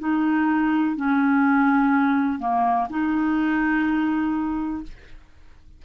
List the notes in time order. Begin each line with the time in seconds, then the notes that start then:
0.00 D#4
0.96 C#4
2.39 A#3
2.90 D#4